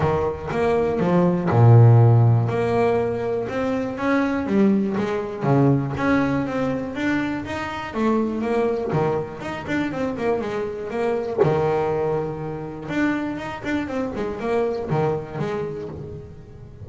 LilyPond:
\new Staff \with { instrumentName = "double bass" } { \time 4/4 \tempo 4 = 121 dis4 ais4 f4 ais,4~ | ais,4 ais2 c'4 | cis'4 g4 gis4 cis4 | cis'4 c'4 d'4 dis'4 |
a4 ais4 dis4 dis'8 d'8 | c'8 ais8 gis4 ais4 dis4~ | dis2 d'4 dis'8 d'8 | c'8 gis8 ais4 dis4 gis4 | }